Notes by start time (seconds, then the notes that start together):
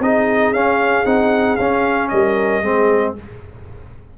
0.00 C4 D#4 G#4 D#5
0.52 C#4 F5
1.06 C4 D#4 F#5
1.56 C#4 F5
2.09 G3 A#4 D#5
2.62 G#3 C4 G#4